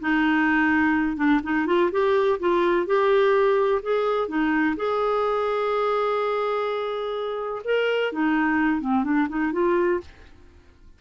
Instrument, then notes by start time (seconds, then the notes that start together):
clarinet
0.00 D#4
1.17 D4
1.43 D#4
1.66 F4
1.92 G4
2.40 F4
2.86 G4
3.82 G#4
4.28 D#4
4.76 G#4
7.64 A#4
8.12 D#4
8.81 C4
9.04 D4
9.29 D#4
9.52 F4